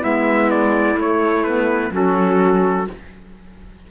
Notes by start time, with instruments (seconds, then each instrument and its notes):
0.00 cello G#3, saxophone B3, clarinet E4, trumpet E5
0.50 trumpet D5
0.95 cello A3, saxophone A3, trumpet C#5
1.44 saxophone B3, trumpet B4
1.91 cello F#3, saxophone C#4, clarinet F#4, trumpet A4